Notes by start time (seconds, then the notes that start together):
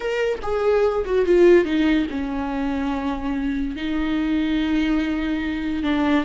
0.00 A#4
0.42 G#4
1.05 F#4
1.25 F4
1.65 D#4
2.10 C#4
3.75 D#4
5.83 D4